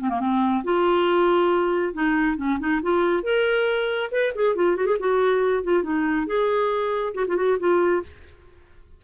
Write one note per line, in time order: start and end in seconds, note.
0.00 0.09 C4
0.09 0.20 A#3
0.20 0.63 C4
0.64 1.93 F4
1.93 2.37 D#4
2.37 2.58 C#4
2.59 2.81 D#4
2.82 3.23 F4
3.23 4.10 A#4
4.11 4.33 B4
4.35 4.55 G#4
4.55 4.76 F4
4.76 4.86 F#4
4.86 4.97 G#4
4.99 5.64 F#4
5.64 5.83 F4
5.83 6.27 D#4
6.27 7.14 G#4
7.14 7.25 F#4
7.28 7.36 F4
7.36 7.58 F#4
7.59 8.03 F4